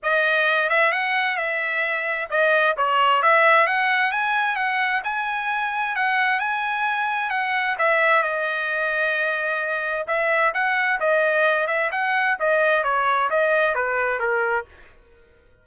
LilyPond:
\new Staff \with { instrumentName = "trumpet" } { \time 4/4 \tempo 4 = 131 dis''4. e''8 fis''4 e''4~ | e''4 dis''4 cis''4 e''4 | fis''4 gis''4 fis''4 gis''4~ | gis''4 fis''4 gis''2 |
fis''4 e''4 dis''2~ | dis''2 e''4 fis''4 | dis''4. e''8 fis''4 dis''4 | cis''4 dis''4 b'4 ais'4 | }